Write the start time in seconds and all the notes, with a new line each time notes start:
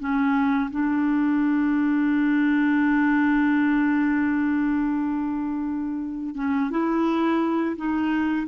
0.00 C#4
0.71 D4
6.35 C#4
6.71 E4
7.77 D#4